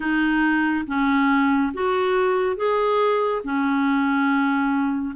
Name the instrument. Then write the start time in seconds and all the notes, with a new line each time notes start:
clarinet
0.00 D#4
0.86 C#4
1.73 F#4
2.56 G#4
3.44 C#4